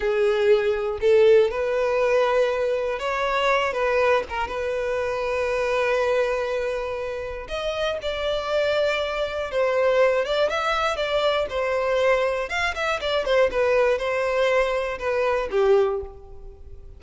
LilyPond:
\new Staff \with { instrumentName = "violin" } { \time 4/4 \tempo 4 = 120 gis'2 a'4 b'4~ | b'2 cis''4. b'8~ | b'8 ais'8 b'2.~ | b'2. dis''4 |
d''2. c''4~ | c''8 d''8 e''4 d''4 c''4~ | c''4 f''8 e''8 d''8 c''8 b'4 | c''2 b'4 g'4 | }